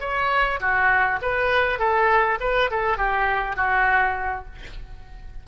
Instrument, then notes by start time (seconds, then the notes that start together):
oboe
0.00 C#5
0.60 F#4
1.22 B4
1.79 A4
2.40 B4
2.70 A4
2.97 G4
3.56 F#4